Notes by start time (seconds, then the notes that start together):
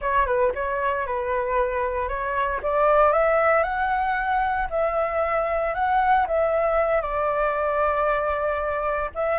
0.01 C#5
0.26 B4
0.54 C#5
1.06 B4
2.08 C#5
2.62 D5
3.12 E5
3.63 F#5
4.70 E5
5.74 F#5
6.27 E5
7.01 D5
9.14 E5